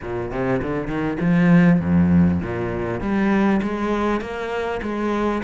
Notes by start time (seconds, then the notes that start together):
0.02 A#2
0.31 C3
0.62 D3
0.87 D#3
1.20 F3
1.80 F2
2.42 A#2
3.00 G3
3.62 G#3
4.20 A#3
4.82 G#3